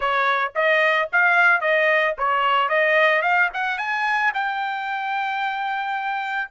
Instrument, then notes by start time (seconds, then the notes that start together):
trumpet
0.00 C#5
0.55 D#5
1.12 F5
1.60 D#5
2.18 C#5
2.68 D#5
3.22 F5
3.53 F#5
3.78 G#5
4.34 G5